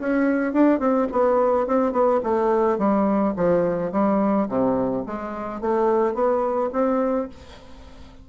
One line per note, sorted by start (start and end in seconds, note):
0.00 0.53 C#4
0.53 0.80 D4
0.80 1.08 C4
1.12 1.67 B3
1.67 1.92 C4
1.92 2.20 B3
2.24 2.78 A3
2.78 3.34 G3
3.36 3.92 F3
3.92 4.48 G3
4.49 5.05 C3
5.06 5.61 G#3
5.61 6.14 A3
6.14 6.70 B3
6.73 7.29 C4